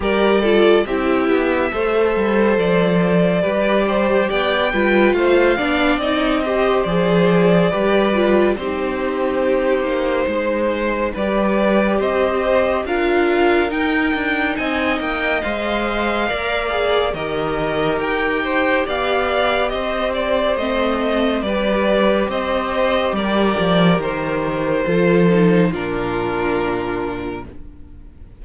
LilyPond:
<<
  \new Staff \with { instrumentName = "violin" } { \time 4/4 \tempo 4 = 70 d''4 e''2 d''4~ | d''4 g''4 f''4 dis''4 | d''2 c''2~ | c''4 d''4 dis''4 f''4 |
g''4 gis''8 g''8 f''2 | dis''4 g''4 f''4 dis''8 d''8 | dis''4 d''4 dis''4 d''4 | c''2 ais'2 | }
  \new Staff \with { instrumentName = "violin" } { \time 4/4 ais'8 a'8 g'4 c''2 | b'8 c''8 d''8 b'8 c''8 d''4 c''8~ | c''4 b'4 g'2 | c''4 b'4 c''4 ais'4~ |
ais'4 dis''2 d''4 | ais'4. c''8 d''4 c''4~ | c''4 b'4 c''4 ais'4~ | ais'4 a'4 f'2 | }
  \new Staff \with { instrumentName = "viola" } { \time 4/4 g'8 f'8 e'4 a'2 | g'4. f'4 d'8 dis'8 g'8 | gis'4 g'8 f'8 dis'2~ | dis'4 g'2 f'4 |
dis'2 c''4 ais'8 gis'8 | g'1 | c'4 g'2.~ | g'4 f'8 dis'8 d'2 | }
  \new Staff \with { instrumentName = "cello" } { \time 4/4 g4 c'8 b8 a8 g8 f4 | g4 b8 g8 a8 b8 c'4 | f4 g4 c'4. ais8 | gis4 g4 c'4 d'4 |
dis'8 d'8 c'8 ais8 gis4 ais4 | dis4 dis'4 b4 c'4 | a4 g4 c'4 g8 f8 | dis4 f4 ais,2 | }
>>